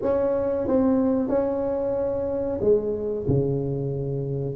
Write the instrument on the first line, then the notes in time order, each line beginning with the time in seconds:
tuba
0.01 C#4
0.67 C4
1.29 C#4
2.61 G#3
3.27 C#3